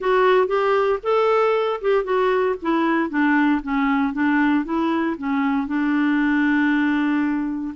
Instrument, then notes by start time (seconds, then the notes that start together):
clarinet
0.00 F#4
0.47 G4
1.02 A4
1.81 G4
2.04 F#4
2.62 E4
3.09 D4
3.62 C#4
4.13 D4
4.64 E4
5.17 C#4
5.67 D4